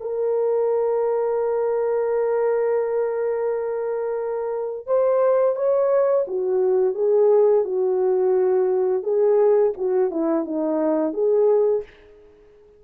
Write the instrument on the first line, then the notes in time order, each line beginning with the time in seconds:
horn
0.00 A#4
4.86 C5
5.56 C#5
6.28 F#4
6.95 G#4
7.64 F#4
9.03 G#4
9.77 F#4
10.10 E4
10.45 D#4
11.13 G#4